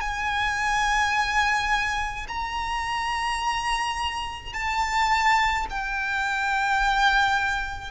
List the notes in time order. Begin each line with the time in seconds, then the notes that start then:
0.00 G#5
2.28 A#5
4.53 A5
5.70 G5